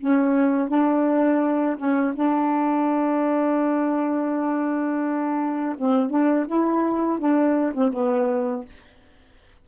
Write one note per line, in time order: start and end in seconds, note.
0.00 0.68 C#4
0.68 1.77 D4
1.78 2.14 C#4
2.15 5.76 D4
5.78 6.10 C4
6.10 6.46 D4
6.47 7.19 E4
7.19 7.73 D4
7.74 7.93 C4
7.93 8.65 B3